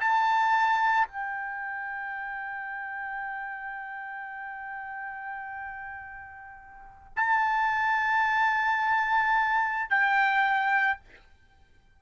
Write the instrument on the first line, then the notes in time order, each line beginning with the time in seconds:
trumpet
0.00 A5
1.08 G5
7.16 A5
9.90 G5